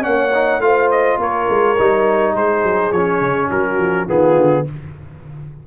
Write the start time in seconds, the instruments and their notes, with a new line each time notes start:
0.00 tuba A#3, trombone C#4, horn C#5, trumpet F#5
0.34 trombone D#4
0.59 tuba A3, trombone F4, horn C5, trumpet F5
0.91 trumpet D#5
1.18 tuba A#3, horn A#4, trumpet C#5
1.49 tuba G#3
1.78 tuba G3, trombone D#4
2.33 tuba G#3, horn G#4, trumpet C5
2.63 tuba F#3
2.92 tuba F3, trombone C#4, trumpet C#5
3.21 tuba C#3
3.50 tuba F#3, horn F#4, trumpet A#4
3.78 tuba F3
4.07 tuba D#3, trombone B3, horn F4, trumpet G#4
4.37 tuba D3